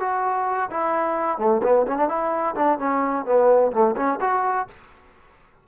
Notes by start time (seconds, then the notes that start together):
0.00 F#4
0.71 E4
1.38 A3
1.63 B3
1.87 C#4
1.97 D4
2.08 E4
2.55 D4
2.79 C#4
3.25 B3
3.72 A3
3.96 C#4
4.21 F#4